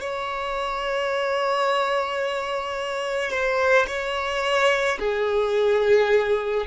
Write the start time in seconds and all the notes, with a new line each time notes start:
0.00 C#5
3.30 C5
3.87 C#5
4.99 G#4